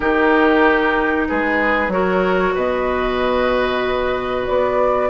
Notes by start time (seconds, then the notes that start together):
0.00 D#3 D#4 G4 A#4
1.27 G#3 G#4 B4
1.87 F#3 F#4 A#4 C#5
2.54 B2 B4 D#5
4.47 B3 D5